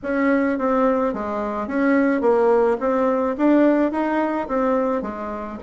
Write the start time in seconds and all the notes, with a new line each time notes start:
0.03 C#4
0.58 C4
1.13 G#3
1.67 C#4
2.21 A#3
2.79 C4
3.37 D4
3.91 D#4
4.48 C4
5.01 G#3